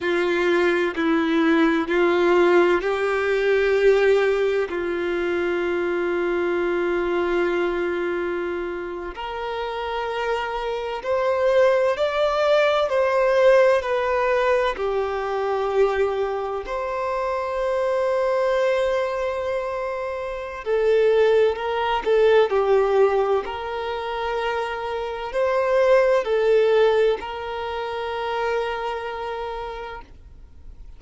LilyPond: \new Staff \with { instrumentName = "violin" } { \time 4/4 \tempo 4 = 64 f'4 e'4 f'4 g'4~ | g'4 f'2.~ | f'4.~ f'16 ais'2 c''16~ | c''8. d''4 c''4 b'4 g'16~ |
g'4.~ g'16 c''2~ c''16~ | c''2 a'4 ais'8 a'8 | g'4 ais'2 c''4 | a'4 ais'2. | }